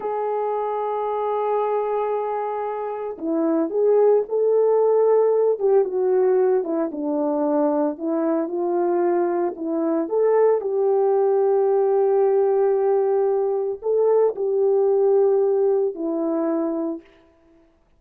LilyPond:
\new Staff \with { instrumentName = "horn" } { \time 4/4 \tempo 4 = 113 gis'1~ | gis'2 e'4 gis'4 | a'2~ a'8 g'8 fis'4~ | fis'8 e'8 d'2 e'4 |
f'2 e'4 a'4 | g'1~ | g'2 a'4 g'4~ | g'2 e'2 | }